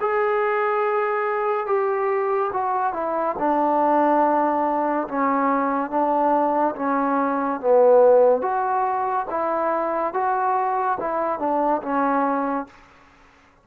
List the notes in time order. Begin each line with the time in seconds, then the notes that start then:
0.00 G#4
1.66 G4
2.53 F#4
2.93 E4
3.38 D4
5.08 C#4
5.90 D4
6.76 C#4
7.60 B3
8.41 F#4
9.30 E4
10.13 F#4
11.00 E4
11.39 D4
11.82 C#4